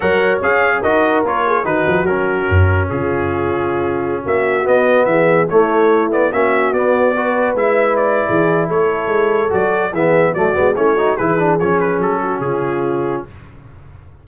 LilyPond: <<
  \new Staff \with { instrumentName = "trumpet" } { \time 4/4 \tempo 4 = 145 fis''4 f''4 dis''4 cis''4 | b'4 ais'2 gis'4~ | gis'2~ gis'16 e''4 dis''8.~ | dis''16 e''4 cis''4. d''8 e''8.~ |
e''16 d''2 e''4 d''8.~ | d''4 cis''2 d''4 | e''4 d''4 cis''4 b'4 | cis''8 b'8 a'4 gis'2 | }
  \new Staff \with { instrumentName = "horn" } { \time 4/4 cis''2 ais'4. gis'8 | fis'2. f'4~ | f'2~ f'16 fis'4.~ fis'16~ | fis'16 gis'4 e'2 fis'8.~ |
fis'4~ fis'16 b'2~ b'8. | gis'4 a'2. | gis'4 fis'4 e'8 fis'8 gis'4~ | gis'4. fis'8 f'2 | }
  \new Staff \with { instrumentName = "trombone" } { \time 4/4 ais'4 gis'4 fis'4 f'4 | dis'4 cis'2.~ | cis'2.~ cis'16 b8.~ | b4~ b16 a4. b8 cis'8.~ |
cis'16 b4 fis'4 e'4.~ e'16~ | e'2. fis'4 | b4 a8 b8 cis'8 dis'8 e'8 d'8 | cis'1 | }
  \new Staff \with { instrumentName = "tuba" } { \time 4/4 fis4 cis'4 dis'4 ais4 | dis8 f8 fis4 fis,4 cis4~ | cis2~ cis16 ais4 b8.~ | b16 e4 a2 ais8.~ |
ais16 b2 gis4.~ gis16 | e4 a4 gis4 fis4 | e4 fis8 gis8 a4 e4 | f4 fis4 cis2 | }
>>